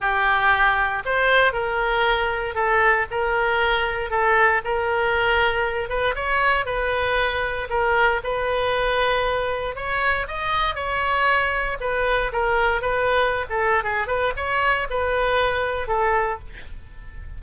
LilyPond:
\new Staff \with { instrumentName = "oboe" } { \time 4/4 \tempo 4 = 117 g'2 c''4 ais'4~ | ais'4 a'4 ais'2 | a'4 ais'2~ ais'8 b'8 | cis''4 b'2 ais'4 |
b'2. cis''4 | dis''4 cis''2 b'4 | ais'4 b'4~ b'16 a'8. gis'8 b'8 | cis''4 b'2 a'4 | }